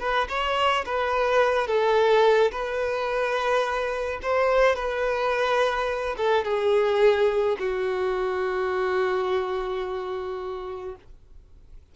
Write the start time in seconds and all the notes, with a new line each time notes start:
0.00 B4
0.29 C#5
0.86 B4
1.68 A4
2.52 B4
4.23 C5
4.76 B4
6.18 A4
6.45 G#4
7.60 F#4